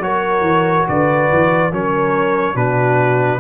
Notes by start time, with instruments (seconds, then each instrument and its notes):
0.00 tuba F#3, trombone F#4, horn A#4, trumpet C#5
0.41 tuba E3
0.89 tuba D3, horn B4, trumpet D5
1.32 tuba E3
1.72 tuba F#3, trombone C#4, horn A#4, trumpet C#5
2.55 tuba B2, trombone D4, horn F#4, trumpet B4